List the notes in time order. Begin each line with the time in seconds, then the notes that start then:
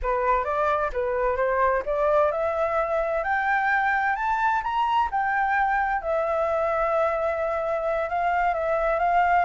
0.02 B4
0.44 D5
0.93 B4
1.36 C5
1.85 D5
2.31 E5
3.23 G5
4.15 A5
4.63 A#5
5.11 G5
6.01 E5
8.09 F5
8.54 E5
8.99 F5